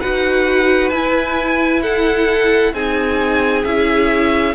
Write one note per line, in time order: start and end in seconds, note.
0.00 0.91 D#4
0.00 0.92 F#4
0.00 1.82 B4
0.00 0.89 F#5
0.89 2.73 E4
0.89 1.80 G#5
1.82 2.73 A4
1.82 2.73 F#5
2.73 3.64 C4
2.73 3.64 D#4
2.73 4.54 G#4
2.73 3.64 G#5
3.64 4.54 C#4
3.64 4.54 E4
3.64 4.54 E5